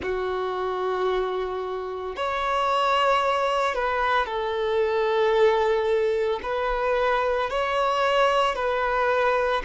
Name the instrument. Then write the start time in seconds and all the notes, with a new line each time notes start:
violin
0.02 F#4
2.15 C#5
3.75 B4
4.26 A4
6.42 B4
7.50 C#5
8.55 B4